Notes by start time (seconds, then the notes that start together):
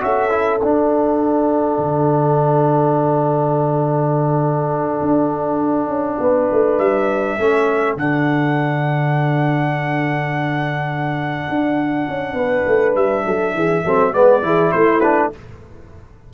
0.00 C#4 F#4 A4 E5
0.30 E4
0.60 D4 F#5
1.78 D3
5.01 D4
5.87 C#4
6.19 B3 B4
6.51 A3
6.78 G3 E5
7.38 A3 C#4 A4
7.96 D3 D4 F#5
11.49 D4
12.08 C#4
12.33 B3 B4
12.67 A3
12.95 G3 E5
13.25 F#3 A4
13.54 E3 G#4
13.84 F#3 C4 A4
14.12 G#3 B3 B4 D5
14.42 E3 E4 G#4
14.71 A3 E4 C5
15.00 D4 B4